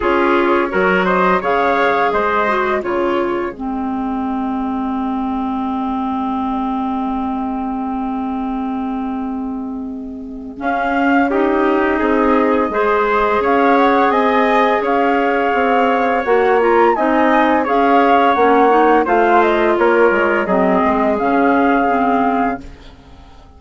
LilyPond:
<<
  \new Staff \with { instrumentName = "flute" } { \time 4/4 \tempo 4 = 85 cis''4. dis''8 f''4 dis''4 | cis''4 dis''2.~ | dis''1~ | dis''2. f''4 |
dis''2. f''8 fis''8 | gis''4 f''2 fis''8 ais''8 | gis''4 f''4 fis''4 f''8 dis''8 | cis''4 dis''4 f''2 | }
  \new Staff \with { instrumentName = "trumpet" } { \time 4/4 gis'4 ais'8 c''8 cis''4 c''4 | gis'1~ | gis'1~ | gis'1 |
g'4 gis'4 c''4 cis''4 | dis''4 cis''2. | dis''4 cis''2 c''4 | ais'4 gis'2. | }
  \new Staff \with { instrumentName = "clarinet" } { \time 4/4 f'4 fis'4 gis'4. fis'8 | f'4 c'2.~ | c'1~ | c'2. cis'4 |
dis'2 gis'2~ | gis'2. fis'8 f'8 | dis'4 gis'4 cis'8 dis'8 f'4~ | f'4 c'4 cis'4 c'4 | }
  \new Staff \with { instrumentName = "bassoon" } { \time 4/4 cis'4 fis4 cis4 gis4 | cis4 gis2.~ | gis1~ | gis2. cis'4~ |
cis'4 c'4 gis4 cis'4 | c'4 cis'4 c'4 ais4 | c'4 cis'4 ais4 a4 | ais8 gis8 fis8 gis8 cis2 | }
>>